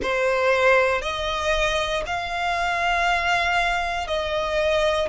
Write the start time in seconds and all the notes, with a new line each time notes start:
0.02 C5
1.01 D#5
2.06 F5
4.07 D#5